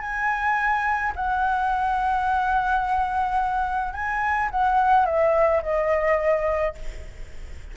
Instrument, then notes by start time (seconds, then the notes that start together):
flute
0.00 G#5
1.15 F#5
3.93 G#5
4.50 F#5
5.05 E5
5.62 D#5